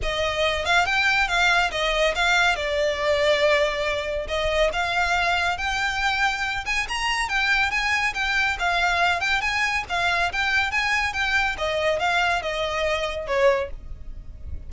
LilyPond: \new Staff \with { instrumentName = "violin" } { \time 4/4 \tempo 4 = 140 dis''4. f''8 g''4 f''4 | dis''4 f''4 d''2~ | d''2 dis''4 f''4~ | f''4 g''2~ g''8 gis''8 |
ais''4 g''4 gis''4 g''4 | f''4. g''8 gis''4 f''4 | g''4 gis''4 g''4 dis''4 | f''4 dis''2 cis''4 | }